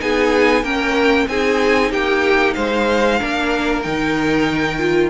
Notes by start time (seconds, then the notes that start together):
0.00 B3 D#4 G#4 G#5
0.63 A#3 C#4 A#4 G5
1.28 C4 D#4 G#4 G#5
1.91 A#3 G4 G5
2.54 G#3 C5 F5
3.19 A#3 D4 A#4
3.83 D#3 D#4 G5
4.79 F4